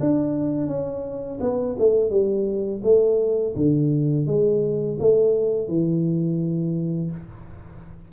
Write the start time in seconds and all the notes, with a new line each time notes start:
0.00 D4
0.68 C#4
1.41 B3
1.79 A3
2.10 G3
2.83 A3
3.56 D3
4.27 G#3
5.00 A3
5.68 E3